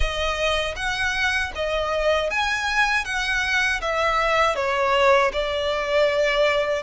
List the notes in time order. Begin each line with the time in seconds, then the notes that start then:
0.00 D#5
0.76 F#5
1.55 D#5
2.30 G#5
3.04 F#5
3.81 E5
4.55 C#5
5.32 D5